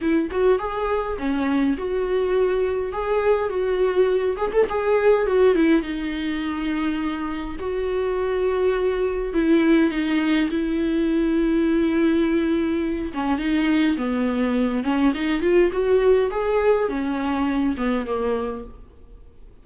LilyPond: \new Staff \with { instrumentName = "viola" } { \time 4/4 \tempo 4 = 103 e'8 fis'8 gis'4 cis'4 fis'4~ | fis'4 gis'4 fis'4. gis'16 a'16 | gis'4 fis'8 e'8 dis'2~ | dis'4 fis'2. |
e'4 dis'4 e'2~ | e'2~ e'8 cis'8 dis'4 | b4. cis'8 dis'8 f'8 fis'4 | gis'4 cis'4. b8 ais4 | }